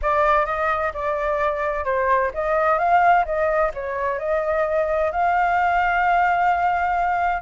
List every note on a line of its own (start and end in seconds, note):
0.01 0.45 D5
0.45 0.92 D#5
0.93 1.84 D5
1.84 2.31 C5
2.34 2.78 D#5
2.78 3.24 F5
3.25 3.71 D#5
3.74 4.19 C#5
4.19 5.11 D#5
5.11 7.42 F5